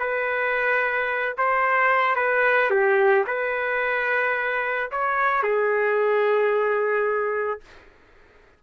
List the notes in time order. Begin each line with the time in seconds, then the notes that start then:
0.00 B4
1.38 C5
2.16 B4
2.71 G4
3.28 B4
4.92 C#5
5.43 G#4